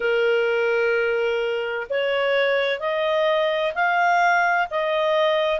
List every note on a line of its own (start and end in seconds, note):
0.00 1.87 A#4
1.89 2.79 C#5
2.79 3.73 D#5
3.74 4.68 F5
4.70 5.60 D#5